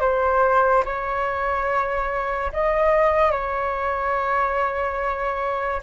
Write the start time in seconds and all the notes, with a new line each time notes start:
0.00 C5
0.84 C#5
2.52 D#5
3.31 C#5